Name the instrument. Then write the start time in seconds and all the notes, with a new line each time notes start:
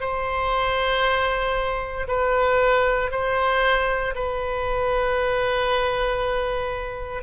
oboe
0.00 C5
2.08 B4
3.11 C5
4.15 B4